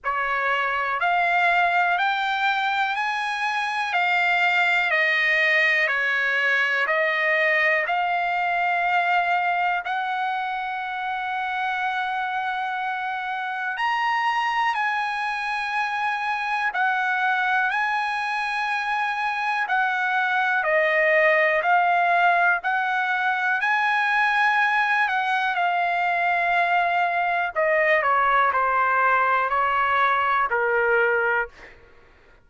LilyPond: \new Staff \with { instrumentName = "trumpet" } { \time 4/4 \tempo 4 = 61 cis''4 f''4 g''4 gis''4 | f''4 dis''4 cis''4 dis''4 | f''2 fis''2~ | fis''2 ais''4 gis''4~ |
gis''4 fis''4 gis''2 | fis''4 dis''4 f''4 fis''4 | gis''4. fis''8 f''2 | dis''8 cis''8 c''4 cis''4 ais'4 | }